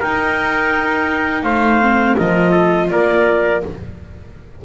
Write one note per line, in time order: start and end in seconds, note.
0.00 1.43 D#4
0.00 1.81 D#4
0.00 1.45 A#4
0.00 1.44 G5
1.43 2.16 A3
1.43 2.17 C5
1.43 2.16 F5
1.81 2.18 C4
2.17 2.91 F3
2.17 3.64 F4
2.17 2.52 A#4
2.17 2.90 D#5
2.52 2.88 A4
2.90 3.64 A#3
2.90 3.65 A#4
2.90 3.62 D5